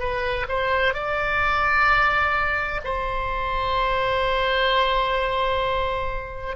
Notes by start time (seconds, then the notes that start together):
0.00 B4
0.49 C5
0.94 D5
2.85 C5